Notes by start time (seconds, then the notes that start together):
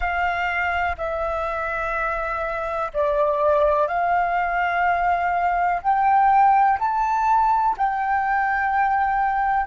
0.00 F5
0.97 E5
2.93 D5
3.87 F5
5.82 G5
6.79 A5
7.77 G5